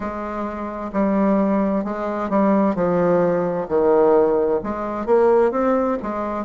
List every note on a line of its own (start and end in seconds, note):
0.00 0.91 G#3
0.92 1.84 G3
1.84 2.29 G#3
2.29 2.74 G3
2.74 3.67 F3
3.68 4.60 D#3
4.63 5.06 G#3
5.06 5.51 A#3
5.51 5.97 C4
6.02 6.44 G#3